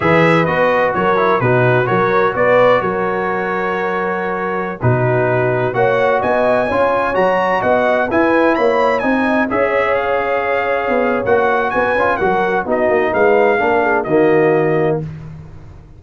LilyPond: <<
  \new Staff \with { instrumentName = "trumpet" } { \time 4/4 \tempo 4 = 128 e''4 dis''4 cis''4 b'4 | cis''4 d''4 cis''2~ | cis''2~ cis''16 b'4.~ b'16~ | b'16 fis''4 gis''2 ais''8.~ |
ais''16 fis''4 gis''4 b''4 gis''8.~ | gis''16 e''4 f''2~ f''8. | fis''4 gis''4 fis''4 dis''4 | f''2 dis''2 | }
  \new Staff \with { instrumentName = "horn" } { \time 4/4 b'2 ais'4 fis'4 | ais'4 b'4 ais'2~ | ais'2~ ais'16 fis'4.~ fis'16~ | fis'16 cis''4 dis''4 cis''4.~ cis''16~ |
cis''16 dis''4 b'4 cis''4 dis''8.~ | dis''16 cis''2.~ cis''8.~ | cis''4 b'4 ais'4 fis'4 | b'4 ais'8 gis'8 fis'2 | }
  \new Staff \with { instrumentName = "trombone" } { \time 4/4 gis'4 fis'4. e'8 dis'4 | fis'1~ | fis'2~ fis'16 dis'4.~ dis'16~ | dis'16 fis'2 f'4 fis'8.~ |
fis'4~ fis'16 e'2 dis'8.~ | dis'16 gis'2.~ gis'8. | fis'4. f'8 fis'4 dis'4~ | dis'4 d'4 ais2 | }
  \new Staff \with { instrumentName = "tuba" } { \time 4/4 e4 b4 fis4 b,4 | fis4 b4 fis2~ | fis2~ fis16 b,4.~ b,16~ | b,16 ais4 b4 cis'4 fis8.~ |
fis16 b4 e'4 ais4 c'8.~ | c'16 cis'2. b8. | ais4 b8 cis'8 fis4 b8 ais8 | gis4 ais4 dis2 | }
>>